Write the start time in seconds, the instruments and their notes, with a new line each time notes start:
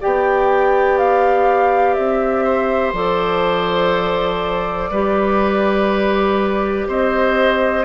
0.00 bassoon B3, clarinet G4, oboe D5, flute G5
0.98 flute F5
1.93 bassoon C4, flute E5
2.44 oboe C5
2.93 bassoon F3, clarinet A4, flute D5
4.90 bassoon G3, clarinet G4, oboe B4
6.87 bassoon C4, oboe C5, flute D#5